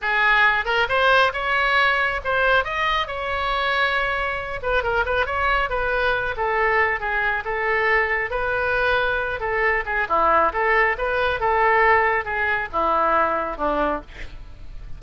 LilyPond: \new Staff \with { instrumentName = "oboe" } { \time 4/4 \tempo 4 = 137 gis'4. ais'8 c''4 cis''4~ | cis''4 c''4 dis''4 cis''4~ | cis''2~ cis''8 b'8 ais'8 b'8 | cis''4 b'4. a'4. |
gis'4 a'2 b'4~ | b'4. a'4 gis'8 e'4 | a'4 b'4 a'2 | gis'4 e'2 d'4 | }